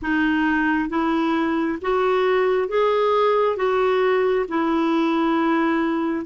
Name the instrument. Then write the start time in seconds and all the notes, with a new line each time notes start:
clarinet
0.02 D#4
0.89 E4
1.82 F#4
2.68 G#4
3.56 F#4
4.48 E4